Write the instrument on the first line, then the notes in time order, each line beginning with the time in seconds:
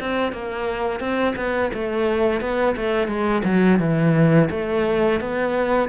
cello
0.00 C4
0.32 A#3
1.00 C4
1.36 B3
1.74 A3
2.41 B3
2.77 A3
3.08 G#3
3.44 F#3
3.80 E3
4.51 A3
5.20 B3